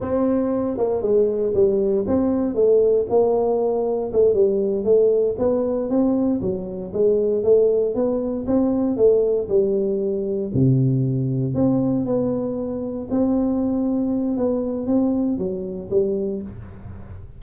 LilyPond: \new Staff \with { instrumentName = "tuba" } { \time 4/4 \tempo 4 = 117 c'4. ais8 gis4 g4 | c'4 a4 ais2 | a8 g4 a4 b4 c'8~ | c'8 fis4 gis4 a4 b8~ |
b8 c'4 a4 g4.~ | g8 c2 c'4 b8~ | b4. c'2~ c'8 | b4 c'4 fis4 g4 | }